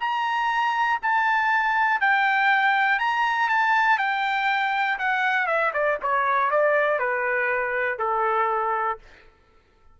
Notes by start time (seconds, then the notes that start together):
0.00 A#5
1.02 A5
2.01 G5
2.99 A#5
3.49 A5
3.98 G5
4.99 F#5
5.47 E5
5.73 D5
6.02 C#5
6.51 D5
6.99 B4
7.99 A4